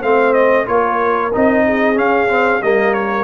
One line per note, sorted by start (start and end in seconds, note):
0.00 0.68 A3
0.00 0.67 C4
0.00 0.65 C5
0.00 0.34 F5
0.34 0.66 D#5
0.67 1.33 A#3
0.67 1.32 F4
0.67 1.67 A#4
0.67 1.33 C#5
1.34 1.99 C4
1.34 1.95 D#4
1.34 1.99 D#5
1.67 2.63 G#4
1.95 2.28 C#4
1.95 2.62 C#4
1.95 2.63 F5
2.29 2.62 C4
2.62 3.25 G3
2.62 3.25 A#3
2.62 3.25 A#4
2.62 2.94 D#5
2.94 3.25 C#5